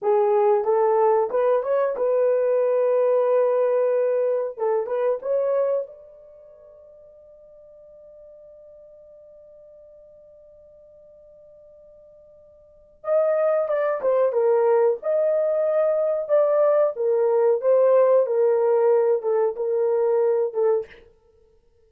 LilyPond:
\new Staff \with { instrumentName = "horn" } { \time 4/4 \tempo 4 = 92 gis'4 a'4 b'8 cis''8 b'4~ | b'2. a'8 b'8 | cis''4 d''2.~ | d''1~ |
d''1 | dis''4 d''8 c''8 ais'4 dis''4~ | dis''4 d''4 ais'4 c''4 | ais'4. a'8 ais'4. a'8 | }